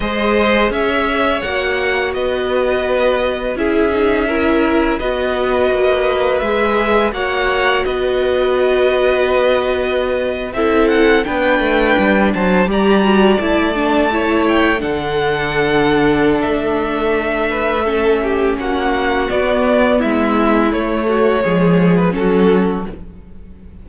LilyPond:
<<
  \new Staff \with { instrumentName = "violin" } { \time 4/4 \tempo 4 = 84 dis''4 e''4 fis''4 dis''4~ | dis''4 e''2 dis''4~ | dis''4 e''4 fis''4 dis''4~ | dis''2~ dis''8. e''8 fis''8 g''16~ |
g''4~ g''16 a''8 ais''4 a''4~ a''16~ | a''16 g''8 fis''2~ fis''16 e''4~ | e''2 fis''4 d''4 | e''4 cis''4.~ cis''16 b'16 a'4 | }
  \new Staff \with { instrumentName = "violin" } { \time 4/4 c''4 cis''2 b'4~ | b'4 gis'4 ais'4 b'4~ | b'2 cis''4 b'4~ | b'2~ b'8. a'4 b'16~ |
b'4~ b'16 c''8 d''2 cis''16~ | cis''8. a'2.~ a'16~ | a'8 b'8 a'8 g'8 fis'2 | e'4. fis'8 gis'4 fis'4 | }
  \new Staff \with { instrumentName = "viola" } { \time 4/4 gis'2 fis'2~ | fis'4 e'8 dis'8 e'4 fis'4~ | fis'4 gis'4 fis'2~ | fis'2~ fis'8. e'4 d'16~ |
d'4.~ d'16 g'8 fis'8 e'8 d'8 e'16~ | e'8. d'2.~ d'16~ | d'4 cis'2 b4~ | b4 a4 gis4 cis'4 | }
  \new Staff \with { instrumentName = "cello" } { \time 4/4 gis4 cis'4 ais4 b4~ | b4 cis'2 b4 | ais4 gis4 ais4 b4~ | b2~ b8. c'4 b16~ |
b16 a8 g8 fis8 g4 a4~ a16~ | a8. d2~ d16 a4~ | a2 ais4 b4 | gis4 a4 f4 fis4 | }
>>